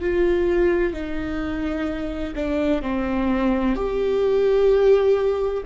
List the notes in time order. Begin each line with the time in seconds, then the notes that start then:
0.00 F4
0.93 D#4
2.35 D4
2.82 C4
3.75 G4